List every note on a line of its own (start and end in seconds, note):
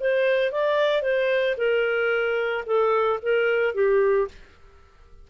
0.00 0.52 C5
0.52 1.02 D5
1.02 1.56 C5
1.57 2.64 A#4
2.66 3.19 A4
3.22 3.74 A#4
3.74 4.28 G4